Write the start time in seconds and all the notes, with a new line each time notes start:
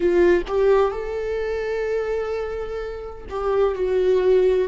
0.00 F4
0.47 G4
0.91 A4
3.29 G4
3.75 F#4